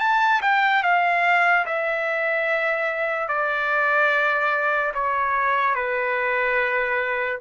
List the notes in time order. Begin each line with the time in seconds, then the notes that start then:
0.00 A5
0.42 G5
0.83 F5
1.66 E5
3.28 D5
4.94 C#5
5.75 B4